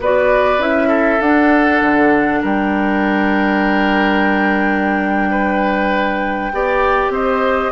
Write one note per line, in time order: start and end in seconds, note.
0.00 0.59 B3
0.00 0.59 F#4
0.00 0.88 B4
0.00 0.62 D5
0.59 1.19 C#4
0.59 1.20 E4
0.59 1.22 E5
0.88 2.40 A4
1.21 1.81 D4
1.21 6.53 D4
1.21 2.43 F#5
1.82 2.42 D3
2.42 6.53 G3
2.42 5.30 A#4
2.42 7.14 G5
5.31 6.52 B4
6.53 7.09 B3
6.53 7.72 G4
6.53 7.13 D5
7.09 7.70 C4
7.09 7.72 C5
7.09 7.72 D#5